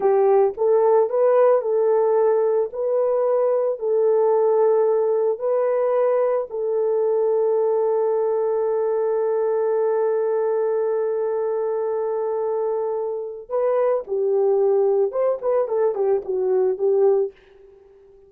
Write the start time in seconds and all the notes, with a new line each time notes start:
0.00 G4
0.57 A4
1.09 B4
1.61 A4
2.72 B4
3.79 A4
5.39 B4
6.50 A4
13.49 B4
14.07 G4
15.11 C5
15.41 B4
15.68 A4
15.95 G4
16.24 F#4
16.78 G4